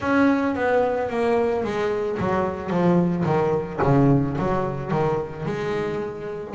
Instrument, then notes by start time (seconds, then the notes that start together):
double bass
0.00 C#4
0.55 B3
1.09 A#3
1.64 G#3
2.19 F#3
2.70 F3
3.25 D#3
3.82 C#3
4.38 F#3
4.91 D#3
5.45 G#3